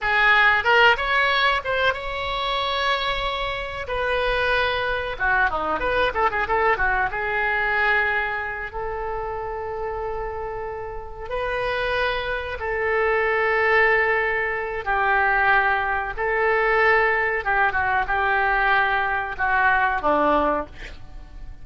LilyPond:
\new Staff \with { instrumentName = "oboe" } { \time 4/4 \tempo 4 = 93 gis'4 ais'8 cis''4 c''8 cis''4~ | cis''2 b'2 | fis'8 dis'8 b'8 a'16 gis'16 a'8 fis'8 gis'4~ | gis'4. a'2~ a'8~ |
a'4. b'2 a'8~ | a'2. g'4~ | g'4 a'2 g'8 fis'8 | g'2 fis'4 d'4 | }